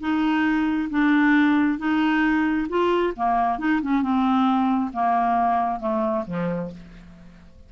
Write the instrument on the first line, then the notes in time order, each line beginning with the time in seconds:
clarinet
0.00 D#4
0.90 D4
1.78 D#4
2.69 F4
3.16 A#3
3.58 D#4
3.82 C#4
4.02 C4
4.93 A#3
5.80 A3
6.26 F3